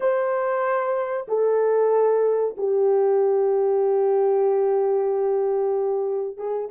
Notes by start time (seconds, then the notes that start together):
0.00 C5
1.28 A4
2.57 G4
6.37 G#4